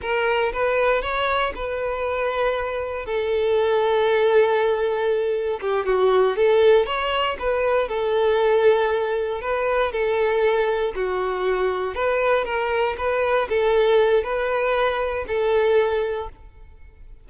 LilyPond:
\new Staff \with { instrumentName = "violin" } { \time 4/4 \tempo 4 = 118 ais'4 b'4 cis''4 b'4~ | b'2 a'2~ | a'2. g'8 fis'8~ | fis'8 a'4 cis''4 b'4 a'8~ |
a'2~ a'8 b'4 a'8~ | a'4. fis'2 b'8~ | b'8 ais'4 b'4 a'4. | b'2 a'2 | }